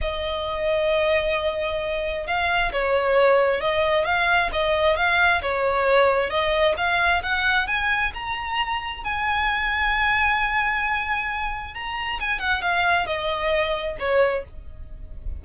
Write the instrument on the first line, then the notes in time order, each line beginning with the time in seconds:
violin
0.01 D#5
2.27 F5
2.72 C#5
3.60 D#5
4.04 F5
4.52 D#5
4.96 F5
5.42 C#5
6.29 D#5
6.77 F5
7.23 F#5
7.67 G#5
8.14 A#5
9.04 G#5
11.74 A#5
12.20 G#5
12.39 F#5
12.61 F5
13.06 D#5
13.99 C#5